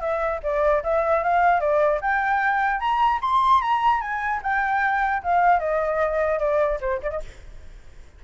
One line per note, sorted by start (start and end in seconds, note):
0.00 0.40 E5
0.43 0.83 D5
0.83 1.23 E5
1.23 1.60 F5
1.60 2.00 D5
2.01 2.80 G5
2.80 3.20 A#5
3.21 3.61 C6
3.61 4.01 A#5
4.01 4.41 G#5
4.42 5.22 G5
5.23 5.59 F5
5.59 6.39 D#5
6.39 6.79 D5
6.81 7.01 C5
7.02 7.10 D5
7.10 7.20 D#5